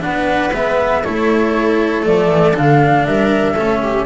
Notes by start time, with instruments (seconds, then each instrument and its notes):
0.00 double bass B3, cello D4, viola B4, flute F#5
0.53 double bass G#3, cello B3, flute E5
1.03 double bass A3, cello E4, viola A4, flute C#5
2.02 double bass F3, cello A3, flute D5
2.29 double bass E3
2.54 double bass D3, cello D4, flute F5
3.06 double bass G3, viola A#4, flute E5
3.54 double bass A3, cello C#4, viola A4
3.83 viola G4